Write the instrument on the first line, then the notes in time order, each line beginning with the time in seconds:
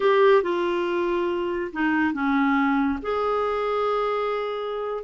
clarinet
0.00 G4
0.43 F4
1.72 D#4
2.13 C#4
3.02 G#4